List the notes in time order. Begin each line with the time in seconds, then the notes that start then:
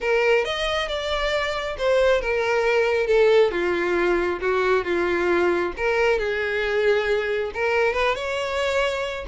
0.00 A#4
0.44 D#5
0.88 D5
1.77 C5
2.21 A#4
3.07 A4
3.51 F4
4.40 F#4
4.84 F4
5.77 A#4
6.18 G#4
7.54 A#4
7.93 B4
8.15 C#5